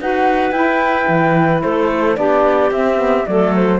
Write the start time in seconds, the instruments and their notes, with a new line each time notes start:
0.00 cello D#4, saxophone F#4, clarinet B4, flute F#5
0.51 cello E4, saxophone E4, flute G5
1.08 cello E3
1.62 cello A3, clarinet A4, flute C5
2.15 cello B3, saxophone D4, clarinet G4, flute D5
2.71 cello C4, saxophone C4, flute E5
2.97 saxophone B3
3.26 cello F#3, saxophone A3, clarinet A4, flute D5
3.55 flute C5